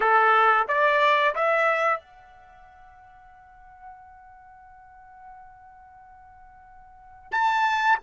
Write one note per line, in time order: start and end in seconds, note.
0.00 0.67 A4
0.68 1.35 D5
1.35 2.00 E5
2.00 7.32 F#5
7.32 7.98 A5